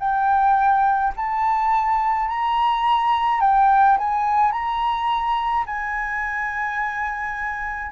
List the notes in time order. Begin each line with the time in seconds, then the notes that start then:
0.00 G5
1.17 A5
2.28 A#5
3.41 G5
3.98 G#5
4.52 A#5
5.67 G#5